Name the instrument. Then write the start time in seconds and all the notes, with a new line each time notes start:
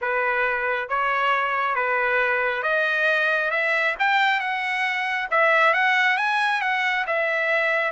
trumpet
0.01 B4
0.88 C#5
1.75 B4
2.62 D#5
3.51 E5
3.99 G5
4.39 F#5
5.31 E5
5.73 F#5
6.17 G#5
6.61 F#5
7.06 E5